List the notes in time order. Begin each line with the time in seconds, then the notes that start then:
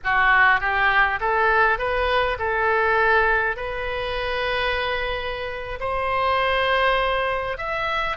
0.04 F#4
0.60 G4
1.20 A4
1.78 B4
2.38 A4
3.56 B4
5.79 C5
7.57 E5